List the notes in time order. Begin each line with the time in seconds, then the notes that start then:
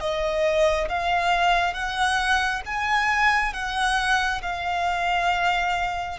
0.00 D#5
0.89 F5
1.74 F#5
2.66 G#5
3.53 F#5
4.42 F5